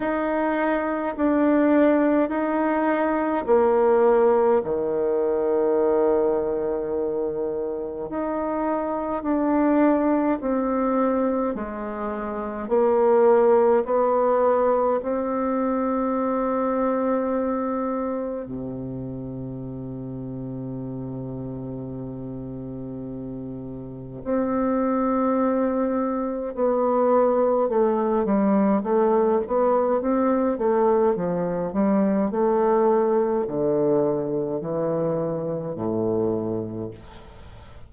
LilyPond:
\new Staff \with { instrumentName = "bassoon" } { \time 4/4 \tempo 4 = 52 dis'4 d'4 dis'4 ais4 | dis2. dis'4 | d'4 c'4 gis4 ais4 | b4 c'2. |
c1~ | c4 c'2 b4 | a8 g8 a8 b8 c'8 a8 f8 g8 | a4 d4 e4 a,4 | }